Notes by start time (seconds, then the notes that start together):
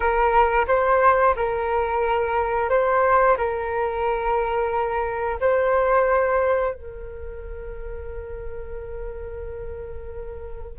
0.00 A#4
0.67 C5
1.36 A#4
2.69 C5
3.37 A#4
5.40 C5
6.74 A#4